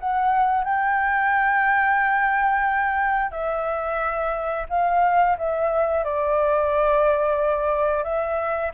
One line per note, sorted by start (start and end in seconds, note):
0.00 0.64 F#5
0.64 3.32 G5
3.32 4.66 E5
4.70 5.37 F5
5.38 6.04 E5
6.04 8.04 D5
8.04 8.72 E5